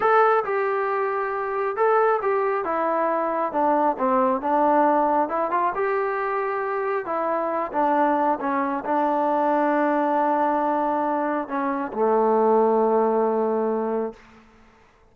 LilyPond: \new Staff \with { instrumentName = "trombone" } { \time 4/4 \tempo 4 = 136 a'4 g'2. | a'4 g'4 e'2 | d'4 c'4 d'2 | e'8 f'8 g'2. |
e'4. d'4. cis'4 | d'1~ | d'2 cis'4 a4~ | a1 | }